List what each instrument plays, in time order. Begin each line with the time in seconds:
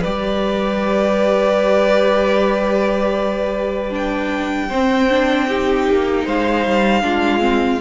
0.00 cello G3, viola G4, violin B4 D5
3.90 viola D4, violin G5
4.68 viola C4, cello C4, violin C5
5.10 viola D4
5.48 viola D#4, violin G4
5.89 cello A#3
6.25 cello G#3, violin C5 F5
6.66 cello G3
7.02 cello G#3, viola D4, violin F4
7.40 viola C4